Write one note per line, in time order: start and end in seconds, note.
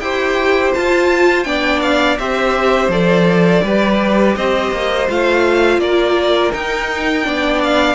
0.00 0.73 E4
0.00 0.75 G4
0.00 1.47 C5
0.00 0.72 G5
0.74 1.45 F4
0.74 1.46 F4
0.74 1.44 A5
1.44 2.18 B3
1.44 2.17 D4
1.44 2.19 D5
1.44 1.80 G5
1.81 2.18 F5
2.18 2.88 C4
2.18 2.91 G4
2.18 3.64 C5
2.18 2.91 E5
2.88 3.61 F3
2.88 3.64 A4
2.88 4.36 D5
3.63 4.35 G3
3.63 5.09 G4
3.63 4.36 B4
4.36 4.71 C4
4.36 5.81 C5
4.36 5.08 D#5
4.71 5.08 A#3
5.09 5.78 A3
5.09 6.53 F4
5.09 5.80 F5
5.78 6.50 A#3
5.78 7.26 A#4
5.78 6.52 D5
6.53 7.23 D#4
6.53 7.26 D#4
6.53 7.62 G5
7.23 7.95 B3
7.23 7.95 D4
7.23 7.95 D5
7.63 7.95 F5